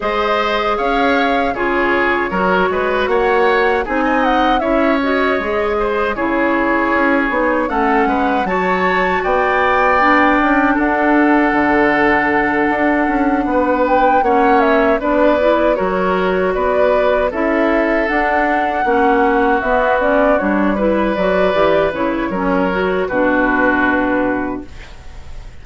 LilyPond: <<
  \new Staff \with { instrumentName = "flute" } { \time 4/4 \tempo 4 = 78 dis''4 f''4 cis''2 | fis''4 gis''8 fis''8 e''8 dis''4. | cis''2 fis''4 a''4 | g''2 fis''2~ |
fis''2 g''8 fis''8 e''8 d''8~ | d''8 cis''4 d''4 e''4 fis''8~ | fis''4. e''8 d''8 cis''8 b'8 d''8~ | d''8 cis''4. b'2 | }
  \new Staff \with { instrumentName = "oboe" } { \time 4/4 c''4 cis''4 gis'4 ais'8 b'8 | cis''4 gis'16 dis''8. cis''4. c''8 | gis'2 a'8 b'8 cis''4 | d''2 a'2~ |
a'4. b'4 cis''4 b'8~ | b'8 ais'4 b'4 a'4.~ | a'8 fis'2~ fis'8 b'4~ | b'4 ais'4 fis'2 | }
  \new Staff \with { instrumentName = "clarinet" } { \time 4/4 gis'2 f'4 fis'4~ | fis'4 dis'4 e'8 fis'8 gis'4 | e'4. dis'8 cis'4 fis'4~ | fis'4 d'2.~ |
d'2~ d'8 cis'4 d'8 | e'8 fis'2 e'4 d'8~ | d'8 cis'4 b8 cis'8 d'8 e'8 fis'8 | g'8 e'8 cis'8 fis'8 d'2 | }
  \new Staff \with { instrumentName = "bassoon" } { \time 4/4 gis4 cis'4 cis4 fis8 gis8 | ais4 c'4 cis'4 gis4 | cis4 cis'8 b8 a8 gis8 fis4 | b4. cis'8 d'4 d4~ |
d8 d'8 cis'8 b4 ais4 b8~ | b8 fis4 b4 cis'4 d'8~ | d'8 ais4 b4 g4 fis8 | e8 cis8 fis4 b,2 | }
>>